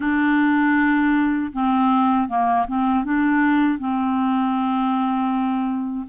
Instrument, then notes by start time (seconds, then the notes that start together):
clarinet
0.00 D4
1.52 C4
2.28 A#3
2.67 C4
3.04 D4
3.78 C4